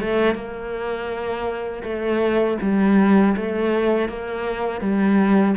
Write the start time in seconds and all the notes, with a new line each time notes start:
0.00 A3
0.34 A#3
1.83 A3
2.61 G3
3.36 A3
4.08 A#3
4.80 G3